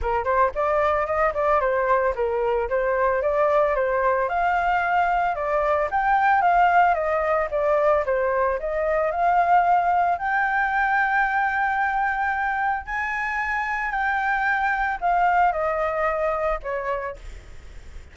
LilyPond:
\new Staff \with { instrumentName = "flute" } { \time 4/4 \tempo 4 = 112 ais'8 c''8 d''4 dis''8 d''8 c''4 | ais'4 c''4 d''4 c''4 | f''2 d''4 g''4 | f''4 dis''4 d''4 c''4 |
dis''4 f''2 g''4~ | g''1 | gis''2 g''2 | f''4 dis''2 cis''4 | }